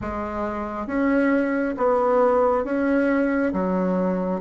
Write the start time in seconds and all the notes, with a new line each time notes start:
0.01 G#3
0.87 C#4
1.77 B3
2.64 C#4
3.53 F#3